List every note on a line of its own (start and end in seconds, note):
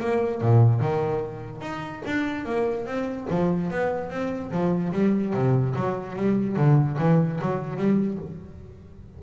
0.00 0.41 A#3
0.41 0.80 A#2
0.80 1.61 D#3
1.61 2.02 D#4
2.06 2.45 D4
2.45 2.86 A#3
2.86 3.27 C4
3.30 3.70 F3
3.70 4.10 B3
4.10 4.51 C4
4.51 4.92 F3
4.93 5.34 G3
5.34 5.75 C3
5.76 6.16 F#3
6.16 6.57 G3
6.57 6.98 D3
6.98 7.40 E3
7.41 7.77 F#3
7.77 8.18 G3